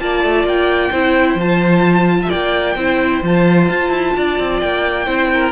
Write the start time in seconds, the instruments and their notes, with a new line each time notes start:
0.00 cello A#3, viola F4, violin D5 A5
0.25 cello A3
0.44 cello A#3, violin G5
0.91 cello C4, viola E4, violin C5
1.35 cello F3, viola F4, violin A5
2.22 violin E5
2.30 cello A#3, violin D5 G5
2.76 cello C4, viola E4, violin C5
3.23 cello F3, viola F4, violin A5
3.70 cello F4
3.90 cello E4
4.17 cello D4, violin D5
4.39 cello C4
4.60 cello A#3, violin G5
5.06 cello C4, viola E4, violin C5
5.34 violin A#4